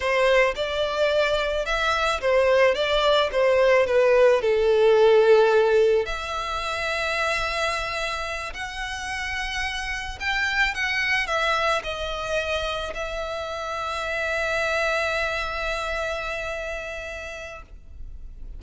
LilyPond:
\new Staff \with { instrumentName = "violin" } { \time 4/4 \tempo 4 = 109 c''4 d''2 e''4 | c''4 d''4 c''4 b'4 | a'2. e''4~ | e''2.~ e''8 fis''8~ |
fis''2~ fis''8 g''4 fis''8~ | fis''8 e''4 dis''2 e''8~ | e''1~ | e''1 | }